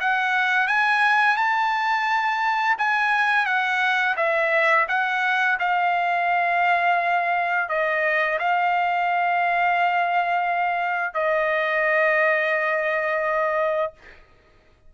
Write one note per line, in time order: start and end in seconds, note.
0.00 0.67 F#5
0.67 1.36 G#5
1.36 2.76 A5
2.78 3.46 G#5
3.46 4.15 F#5
4.17 4.86 E5
4.88 5.58 F#5
5.59 7.69 F5
7.69 8.38 D#5
8.39 11.14 F5
11.14 13.93 D#5